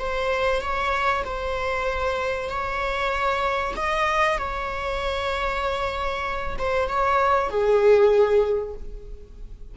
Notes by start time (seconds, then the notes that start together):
0.00 C5
0.62 C#5
1.25 C5
2.50 C#5
3.77 D#5
4.38 C#5
6.59 C5
6.89 C#5
7.50 G#4